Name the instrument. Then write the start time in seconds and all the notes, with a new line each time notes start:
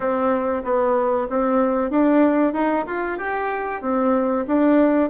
bassoon
0.00 C4
0.64 B3
1.29 C4
1.90 D4
2.53 D#4
2.86 F4
3.17 G4
3.82 C4
4.47 D4